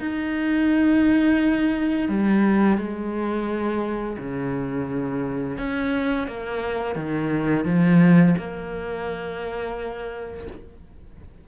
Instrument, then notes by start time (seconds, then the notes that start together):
cello
0.00 D#4
2.09 G3
2.78 G#3
4.19 C#3
5.58 C#4
6.28 A#3
6.96 D#3
7.65 F3
8.38 A#3